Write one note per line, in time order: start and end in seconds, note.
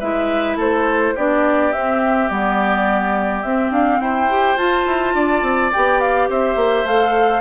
0.00 0.56 G#3
0.00 1.16 E4
0.00 0.57 B4
0.00 0.57 E5
0.56 1.13 A3
0.56 1.14 A4
0.56 1.17 C5
1.15 1.73 B3
1.15 1.73 D4
1.15 4.00 G4
1.15 1.72 D5
1.72 2.30 C4
1.72 2.29 C4
1.72 2.29 E5
2.29 3.43 G3
2.29 3.43 B3
2.29 3.42 D5
3.42 3.70 C4
3.42 4.29 C4
3.42 3.71 E5
3.70 3.99 D4
3.70 4.00 F5
4.00 4.56 E4
4.00 5.15 C5
4.00 4.57 G5
4.29 4.57 G4
4.56 4.85 F4
4.56 5.72 F4
4.56 5.71 A5
4.86 5.14 E4
5.14 5.42 D4
5.14 6.29 D5
5.42 5.71 C4
5.73 6.29 B3
5.73 6.86 G4
5.73 6.00 G5
6.00 6.29 F5
6.29 6.55 C4
6.29 7.41 C5
6.29 6.86 E5
6.55 6.84 A#3
6.84 7.41 A3
6.84 7.41 A4
6.84 7.41 F5